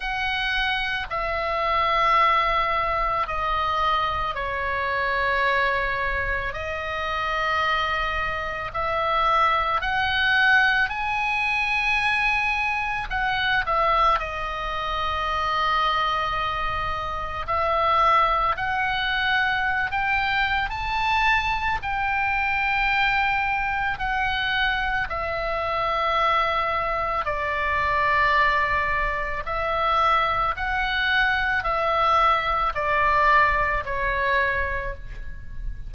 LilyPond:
\new Staff \with { instrumentName = "oboe" } { \time 4/4 \tempo 4 = 55 fis''4 e''2 dis''4 | cis''2 dis''2 | e''4 fis''4 gis''2 | fis''8 e''8 dis''2. |
e''4 fis''4~ fis''16 g''8. a''4 | g''2 fis''4 e''4~ | e''4 d''2 e''4 | fis''4 e''4 d''4 cis''4 | }